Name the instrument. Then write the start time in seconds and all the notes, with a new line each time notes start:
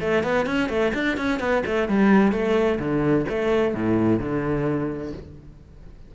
cello
0.00 A3
0.23 B3
0.45 C#4
0.69 A3
0.94 D4
1.17 C#4
1.39 B3
1.66 A3
1.88 G3
2.32 A3
2.79 D3
3.29 A3
3.74 A2
4.19 D3